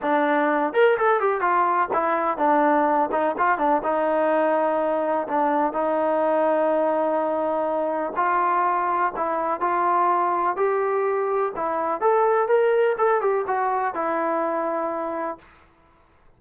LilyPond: \new Staff \with { instrumentName = "trombone" } { \time 4/4 \tempo 4 = 125 d'4. ais'8 a'8 g'8 f'4 | e'4 d'4. dis'8 f'8 d'8 | dis'2. d'4 | dis'1~ |
dis'4 f'2 e'4 | f'2 g'2 | e'4 a'4 ais'4 a'8 g'8 | fis'4 e'2. | }